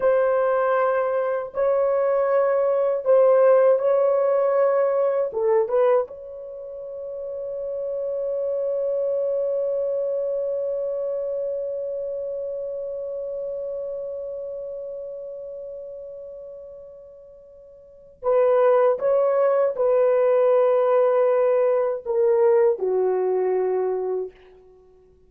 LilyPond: \new Staff \with { instrumentName = "horn" } { \time 4/4 \tempo 4 = 79 c''2 cis''2 | c''4 cis''2 a'8 b'8 | cis''1~ | cis''1~ |
cis''1~ | cis''1 | b'4 cis''4 b'2~ | b'4 ais'4 fis'2 | }